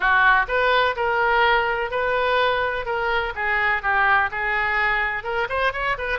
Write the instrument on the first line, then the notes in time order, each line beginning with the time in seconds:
oboe
0.00 F#4
0.48 B4
0.96 A#4
1.90 B4
2.85 A#4
3.35 G#4
3.82 G4
4.31 G#4
5.23 A#4
5.49 C5
5.73 C#5
5.98 B4